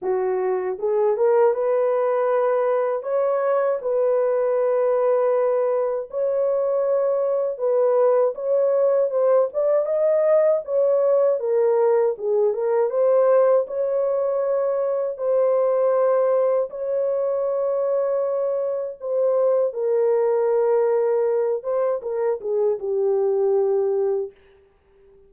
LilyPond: \new Staff \with { instrumentName = "horn" } { \time 4/4 \tempo 4 = 79 fis'4 gis'8 ais'8 b'2 | cis''4 b'2. | cis''2 b'4 cis''4 | c''8 d''8 dis''4 cis''4 ais'4 |
gis'8 ais'8 c''4 cis''2 | c''2 cis''2~ | cis''4 c''4 ais'2~ | ais'8 c''8 ais'8 gis'8 g'2 | }